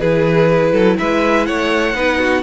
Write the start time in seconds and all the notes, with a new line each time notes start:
0.00 E3 E4 G#4 B4
0.73 F#3 A4
0.99 G#3 B4 E5
1.46 A3 C#5 F#5
1.94 B3 D#4 B4
2.19 F#4